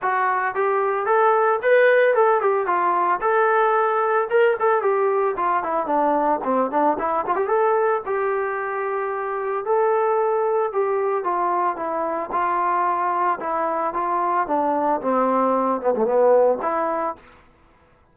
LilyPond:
\new Staff \with { instrumentName = "trombone" } { \time 4/4 \tempo 4 = 112 fis'4 g'4 a'4 b'4 | a'8 g'8 f'4 a'2 | ais'8 a'8 g'4 f'8 e'8 d'4 | c'8 d'8 e'8 f'16 g'16 a'4 g'4~ |
g'2 a'2 | g'4 f'4 e'4 f'4~ | f'4 e'4 f'4 d'4 | c'4. b16 a16 b4 e'4 | }